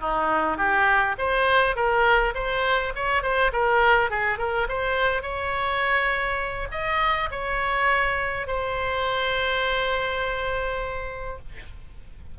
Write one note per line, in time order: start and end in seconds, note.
0.00 0.57 D#4
0.57 1.15 G4
1.18 1.76 C5
1.76 2.34 A#4
2.34 2.93 C5
2.95 3.22 C#5
3.22 3.51 C5
3.52 4.10 A#4
4.10 4.38 G#4
4.38 4.67 A#4
4.69 5.22 C5
5.22 6.68 C#5
6.71 7.29 D#5
7.31 8.47 C#5
8.47 11.38 C5